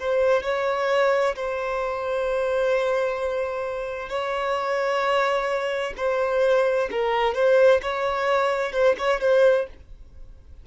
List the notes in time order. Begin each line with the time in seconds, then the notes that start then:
0.00 C5
0.44 C#5
1.36 C5
4.10 C#5
5.97 C5
6.92 A#4
7.35 C5
7.83 C#5
8.73 C5
8.98 C#5
9.21 C5